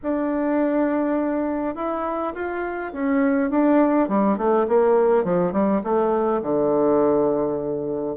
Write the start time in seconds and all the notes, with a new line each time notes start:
0.02 D4
1.75 E4
2.34 F4
2.92 C#4
3.50 D4
4.08 G3
4.37 A3
4.68 A#3
5.23 F3
5.52 G3
5.83 A3
6.42 D3